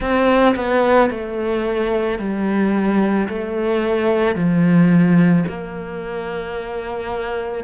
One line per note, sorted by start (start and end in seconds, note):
0.00 0.55 C4
0.55 1.10 B3
1.10 2.18 A3
2.18 3.27 G3
3.28 4.35 A3
4.35 5.44 F3
5.47 7.64 A#3